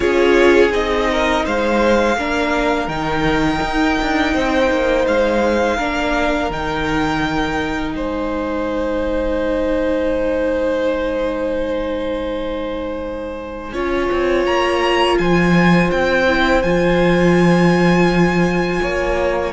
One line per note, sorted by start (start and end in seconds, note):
0.00 0.71 C#4
0.00 0.70 F4
0.00 1.09 G#4
0.00 0.71 C#5
0.70 1.43 C4
0.70 2.14 D#4
0.70 1.45 D#5
1.11 1.44 A#4
1.44 2.16 G#3
1.44 2.17 C5
1.44 2.88 F5
2.16 2.87 A#3
2.16 2.89 D4
2.16 4.33 A#4
2.87 3.59 D#3
2.87 5.78 D#4
2.87 5.05 G5
3.61 3.98 D#4
4.01 4.34 D4
4.33 4.70 C4
4.33 5.76 C5
4.70 5.06 A#3
5.07 5.78 G#3
5.07 6.51 F5
5.76 6.50 A#3
5.76 6.51 D4
5.76 7.93 A#4
6.50 7.94 D#3
6.50 13.73 D#4
6.50 7.94 G5
7.94 13.72 G#3
7.94 13.73 C5
7.94 14.45 G#5
13.72 14.08 C#4
13.72 16.26 F4
13.72 15.17 C#5
14.11 14.46 C4
14.45 15.19 A#3
14.45 15.17 A#5
15.18 15.91 F3
15.18 18.81 C5
15.18 15.90 G#5
15.91 16.63 C4
15.91 16.62 G5
16.27 16.63 E4
16.62 18.80 F3
16.62 19.52 F4
16.62 19.51 G#5
18.81 19.52 A#3
18.81 19.52 C#5